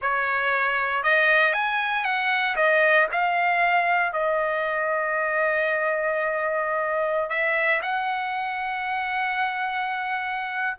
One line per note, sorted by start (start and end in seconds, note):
0.01 1.03 C#5
1.03 1.53 D#5
1.53 2.04 G#5
2.04 2.55 F#5
2.55 3.07 D#5
3.11 4.12 F5
4.12 7.29 D#5
7.29 7.81 E5
7.82 10.77 F#5